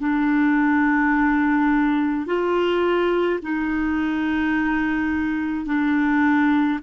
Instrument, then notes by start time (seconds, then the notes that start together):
clarinet
0.00 D4
2.26 F4
3.43 D#4
5.66 D4